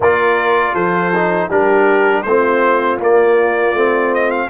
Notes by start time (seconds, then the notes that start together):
0.00 A#3 F4 A#4 D5
0.73 F3 A4 C5
1.14 D#4
1.49 G3 D4 G4 A#4
2.22 A3 C4 F4 C5
2.99 A#3 D5
3.73 A3 C4
4.14 D#5
4.30 F5